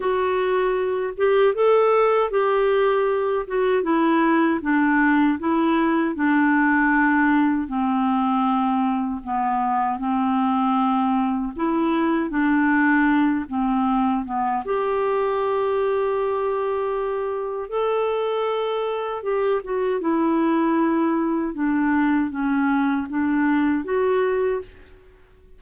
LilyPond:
\new Staff \with { instrumentName = "clarinet" } { \time 4/4 \tempo 4 = 78 fis'4. g'8 a'4 g'4~ | g'8 fis'8 e'4 d'4 e'4 | d'2 c'2 | b4 c'2 e'4 |
d'4. c'4 b8 g'4~ | g'2. a'4~ | a'4 g'8 fis'8 e'2 | d'4 cis'4 d'4 fis'4 | }